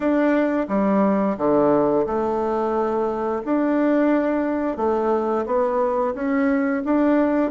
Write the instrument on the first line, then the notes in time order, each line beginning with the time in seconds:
bassoon
0.00 D4
0.68 G3
1.37 D3
2.06 A3
3.45 D4
4.77 A3
5.45 B3
6.14 C#4
6.84 D4